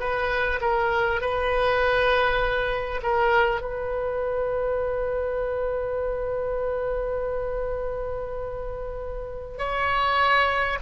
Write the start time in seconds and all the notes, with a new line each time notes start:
0.00 B4
0.61 A#4
1.21 B4
3.03 A#4
3.62 B4
9.58 C#5